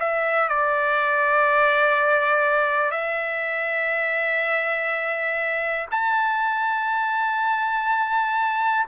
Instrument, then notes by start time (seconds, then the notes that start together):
trumpet
0.00 E5
0.50 D5
2.92 E5
5.92 A5